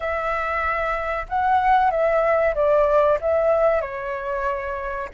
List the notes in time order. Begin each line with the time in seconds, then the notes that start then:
0.00 E5
1.28 F#5
1.90 E5
2.54 D5
3.20 E5
3.81 C#5